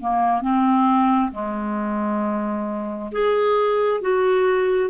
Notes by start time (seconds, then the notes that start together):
0.00 A#3
0.42 C4
1.32 G#3
3.12 G#4
4.01 F#4